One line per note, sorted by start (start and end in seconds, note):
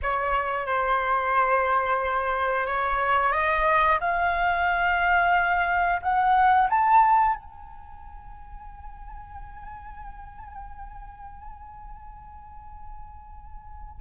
0.02 0.66 C#5
0.66 2.66 C5
2.66 3.32 C#5
3.32 3.98 D#5
4.00 6.00 F5
6.02 6.68 F#5
6.69 7.35 A5
7.35 14.00 G#5